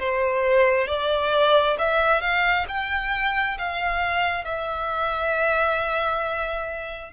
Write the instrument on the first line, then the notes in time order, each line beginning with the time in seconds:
violin
0.00 C5
0.88 D5
1.79 E5
2.21 F5
2.69 G5
3.59 F5
4.45 E5